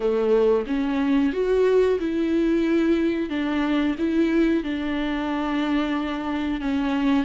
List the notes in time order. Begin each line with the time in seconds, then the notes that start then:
0.00 A3
0.67 C#4
1.32 F#4
1.99 E4
3.29 D4
3.98 E4
4.63 D4
6.61 C#4